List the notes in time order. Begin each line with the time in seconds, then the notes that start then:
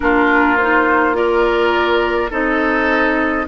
0.00 A#3 D4 F4 A#4
0.57 D#4 C5
1.13 F4 A#4 D5
2.30 C4 D#4 A4 D#5